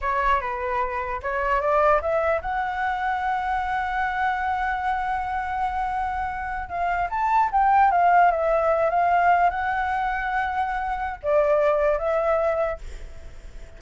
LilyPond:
\new Staff \with { instrumentName = "flute" } { \time 4/4 \tempo 4 = 150 cis''4 b'2 cis''4 | d''4 e''4 fis''2~ | fis''1~ | fis''1~ |
fis''8. f''4 a''4 g''4 f''16~ | f''8. e''4. f''4. fis''16~ | fis''1 | d''2 e''2 | }